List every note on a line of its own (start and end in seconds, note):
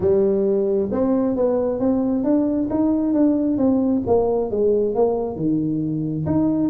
0.00 0.89 G3
0.91 1.36 C4
1.36 1.79 B3
1.79 2.24 C4
2.24 2.68 D4
2.70 3.13 D#4
3.13 3.57 D4
3.57 4.02 C4
4.06 4.50 A#3
4.50 4.94 G#3
4.94 5.36 A#3
5.36 6.25 D#3
6.26 6.69 D#4